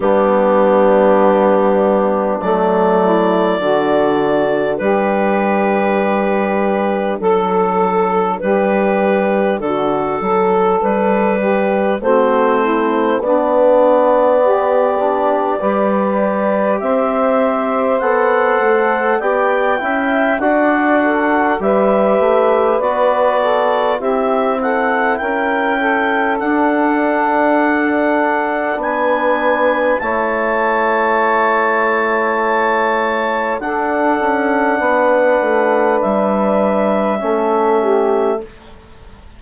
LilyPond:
<<
  \new Staff \with { instrumentName = "clarinet" } { \time 4/4 \tempo 4 = 50 g'2 d''2 | b'2 a'4 b'4 | a'4 b'4 c''4 d''4~ | d''2 e''4 fis''4 |
g''4 fis''4 e''4 d''4 | e''8 fis''8 g''4 fis''2 | gis''4 a''2. | fis''2 e''2 | }
  \new Staff \with { instrumentName = "saxophone" } { \time 4/4 d'2~ d'8 e'8 fis'4 | g'2 a'4 g'4 | fis'8 a'4 g'8 fis'8 e'8 d'4 | g'4 b'4 c''2 |
d''8 e''8 d''8 a'8 b'4. a'8 | g'8 a'8 ais'8 a'2~ a'8 | b'4 cis''2. | a'4 b'2 a'8 g'8 | }
  \new Staff \with { instrumentName = "trombone" } { \time 4/4 b2 a4 d'4~ | d'1~ | d'2 c'4 b4~ | b8 d'8 g'2 a'4 |
g'8 e'8 fis'4 g'4 fis'4 | e'2 d'2~ | d'4 e'2. | d'2. cis'4 | }
  \new Staff \with { instrumentName = "bassoon" } { \time 4/4 g2 fis4 d4 | g2 fis4 g4 | d8 fis8 g4 a4 b4~ | b4 g4 c'4 b8 a8 |
b8 cis'8 d'4 g8 a8 b4 | c'4 cis'4 d'2 | b4 a2. | d'8 cis'8 b8 a8 g4 a4 | }
>>